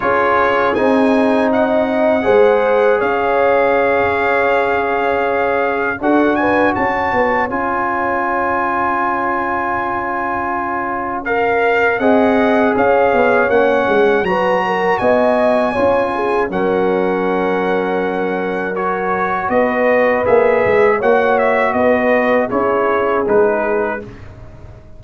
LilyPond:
<<
  \new Staff \with { instrumentName = "trumpet" } { \time 4/4 \tempo 4 = 80 cis''4 gis''4 fis''2 | f''1 | fis''8 gis''8 a''4 gis''2~ | gis''2. f''4 |
fis''4 f''4 fis''4 ais''4 | gis''2 fis''2~ | fis''4 cis''4 dis''4 e''4 | fis''8 e''8 dis''4 cis''4 b'4 | }
  \new Staff \with { instrumentName = "horn" } { \time 4/4 gis'2 dis''4 c''4 | cis''1 | a'8 b'8 cis''2.~ | cis''1 |
dis''4 cis''2 b'8 ais'8 | dis''4 cis''8 gis'8 ais'2~ | ais'2 b'2 | cis''4 b'4 gis'2 | }
  \new Staff \with { instrumentName = "trombone" } { \time 4/4 f'4 dis'2 gis'4~ | gis'1 | fis'2 f'2~ | f'2. ais'4 |
gis'2 cis'4 fis'4~ | fis'4 f'4 cis'2~ | cis'4 fis'2 gis'4 | fis'2 e'4 dis'4 | }
  \new Staff \with { instrumentName = "tuba" } { \time 4/4 cis'4 c'2 gis4 | cis'1 | d'4 cis'8 b8 cis'2~ | cis'1 |
c'4 cis'8 b8 ais8 gis8 fis4 | b4 cis'4 fis2~ | fis2 b4 ais8 gis8 | ais4 b4 cis'4 gis4 | }
>>